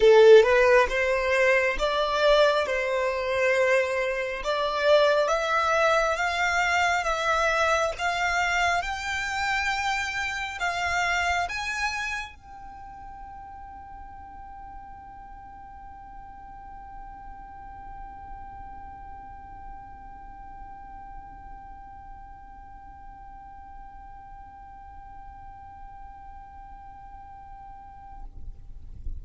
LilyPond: \new Staff \with { instrumentName = "violin" } { \time 4/4 \tempo 4 = 68 a'8 b'8 c''4 d''4 c''4~ | c''4 d''4 e''4 f''4 | e''4 f''4 g''2 | f''4 gis''4 g''2~ |
g''1~ | g''1~ | g''1~ | g''1 | }